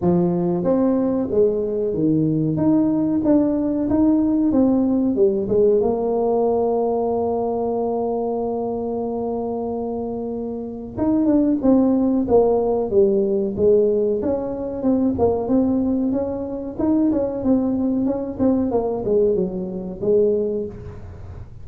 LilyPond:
\new Staff \with { instrumentName = "tuba" } { \time 4/4 \tempo 4 = 93 f4 c'4 gis4 dis4 | dis'4 d'4 dis'4 c'4 | g8 gis8 ais2.~ | ais1~ |
ais4 dis'8 d'8 c'4 ais4 | g4 gis4 cis'4 c'8 ais8 | c'4 cis'4 dis'8 cis'8 c'4 | cis'8 c'8 ais8 gis8 fis4 gis4 | }